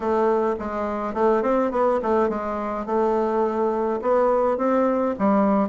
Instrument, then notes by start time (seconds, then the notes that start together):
bassoon
0.00 A3
0.59 G#3
1.14 A3
1.42 C4
1.71 B3
2.02 A3
2.29 G#3
2.86 A3
4.01 B3
4.57 C4
5.18 G3